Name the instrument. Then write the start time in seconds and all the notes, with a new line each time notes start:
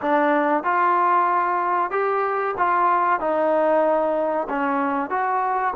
trombone
0.01 D4
0.63 F4
1.91 G4
2.57 F4
3.20 D#4
4.49 C#4
5.09 F#4